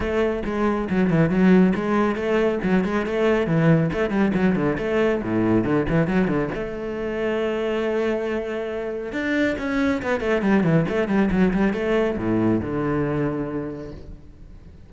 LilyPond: \new Staff \with { instrumentName = "cello" } { \time 4/4 \tempo 4 = 138 a4 gis4 fis8 e8 fis4 | gis4 a4 fis8 gis8 a4 | e4 a8 g8 fis8 d8 a4 | a,4 d8 e8 fis8 d8 a4~ |
a1~ | a4 d'4 cis'4 b8 a8 | g8 e8 a8 g8 fis8 g8 a4 | a,4 d2. | }